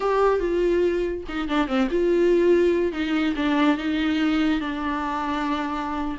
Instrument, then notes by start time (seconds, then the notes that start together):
viola
0.00 G4
0.39 F4
1.28 D#4
1.48 D4
1.67 C4
1.91 F4
2.92 D#4
3.35 D4
3.77 D#4
4.60 D4